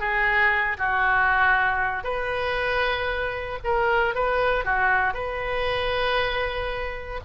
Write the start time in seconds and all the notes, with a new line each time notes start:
0.00 G#4
0.79 F#4
2.04 B4
3.64 A#4
4.15 B4
4.65 F#4
5.14 B4